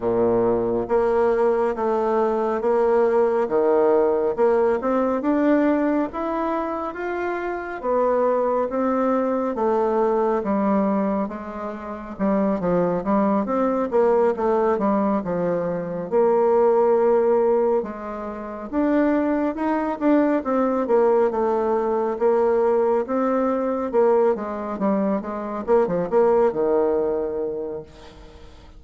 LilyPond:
\new Staff \with { instrumentName = "bassoon" } { \time 4/4 \tempo 4 = 69 ais,4 ais4 a4 ais4 | dis4 ais8 c'8 d'4 e'4 | f'4 b4 c'4 a4 | g4 gis4 g8 f8 g8 c'8 |
ais8 a8 g8 f4 ais4.~ | ais8 gis4 d'4 dis'8 d'8 c'8 | ais8 a4 ais4 c'4 ais8 | gis8 g8 gis8 ais16 f16 ais8 dis4. | }